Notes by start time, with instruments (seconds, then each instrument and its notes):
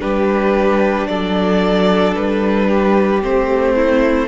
0.00 cello G3, viola D4, violin G4 B4
1.07 cello F#3, violin A4 D5
2.15 cello G3, violin B4
2.69 violin G4
3.22 cello A3, viola C4, violin C5
3.76 violin E4